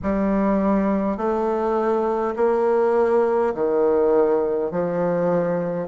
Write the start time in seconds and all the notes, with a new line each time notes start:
0.02 G3
1.17 A3
2.36 A#3
3.54 D#3
4.71 F3